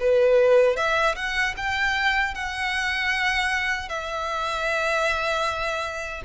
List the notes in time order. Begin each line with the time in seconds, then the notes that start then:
0.00 B4
0.76 E5
1.16 F#5
1.57 G5
2.34 F#5
3.89 E5